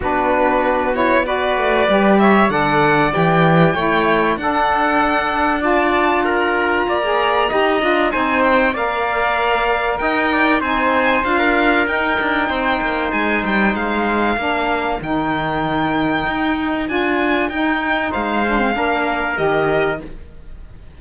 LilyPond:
<<
  \new Staff \with { instrumentName = "violin" } { \time 4/4 \tempo 4 = 96 b'4. cis''8 d''4. e''8 | fis''4 g''2 fis''4~ | fis''4 a''4 ais''2~ | ais''4 gis''8 g''8 f''2 |
g''4 gis''4 f''4 g''4~ | g''4 gis''8 g''8 f''2 | g''2. gis''4 | g''4 f''2 dis''4 | }
  \new Staff \with { instrumentName = "trumpet" } { \time 4/4 fis'2 b'4. cis''8 | d''2 cis''4 a'4~ | a'4 d''4 ais'4 d''4 | dis''4 c''4 d''2 |
dis''8 d''8 c''4~ c''16 ais'4.~ ais'16 | c''2. ais'4~ | ais'1~ | ais'4 c''4 ais'2 | }
  \new Staff \with { instrumentName = "saxophone" } { \time 4/4 d'4. e'8 fis'4 g'4 | a'4 g'4 e'4 d'4~ | d'4 f'2~ f'16 gis'8. | g'8 f'8 dis'4 ais'2~ |
ais'4 dis'4 f'4 dis'4~ | dis'2. d'4 | dis'2. f'4 | dis'4. d'16 c'16 d'4 g'4 | }
  \new Staff \with { instrumentName = "cello" } { \time 4/4 b2~ b8 a8 g4 | d4 e4 a4 d'4~ | d'2. ais4 | dis'8 d'8 c'4 ais2 |
dis'4 c'4 d'4 dis'8 d'8 | c'8 ais8 gis8 g8 gis4 ais4 | dis2 dis'4 d'4 | dis'4 gis4 ais4 dis4 | }
>>